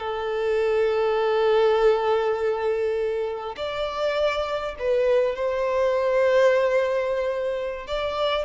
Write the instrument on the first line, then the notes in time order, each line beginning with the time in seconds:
violin
0.00 A4
3.57 D5
4.80 B4
5.36 C5
7.87 D5